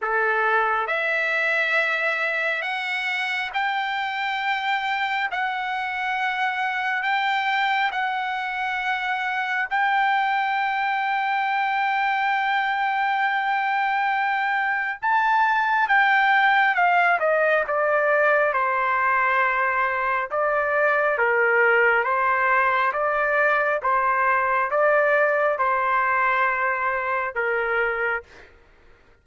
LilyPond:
\new Staff \with { instrumentName = "trumpet" } { \time 4/4 \tempo 4 = 68 a'4 e''2 fis''4 | g''2 fis''2 | g''4 fis''2 g''4~ | g''1~ |
g''4 a''4 g''4 f''8 dis''8 | d''4 c''2 d''4 | ais'4 c''4 d''4 c''4 | d''4 c''2 ais'4 | }